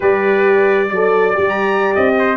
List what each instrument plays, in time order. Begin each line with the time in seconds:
0.00 tuba G3, horn G4, trumpet B4 D5
0.89 tuba F#3, horn A4, trumpet D5
1.34 tuba G3, horn G4
1.48 trumpet A#5
1.95 tuba C4, trumpet D#5
2.18 trumpet C5